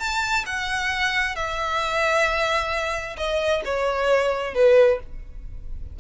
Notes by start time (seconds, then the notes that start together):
0.00 A5
0.46 F#5
1.36 E5
3.18 D#5
3.65 C#5
4.55 B4